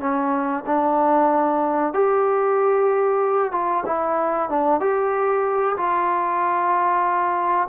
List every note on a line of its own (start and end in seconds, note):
0.00 0.64 C#4
0.66 1.93 D4
1.93 3.52 G4
3.52 3.84 F4
3.86 4.50 E4
4.50 4.80 D4
4.80 5.76 G4
5.77 7.69 F4